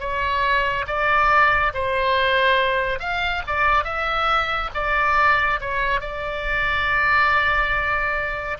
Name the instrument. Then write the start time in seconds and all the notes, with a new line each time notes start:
oboe
0.00 C#5
0.87 D5
1.74 C5
3.00 F5
3.47 D5
3.84 E5
4.75 D5
5.61 C#5
6.01 D5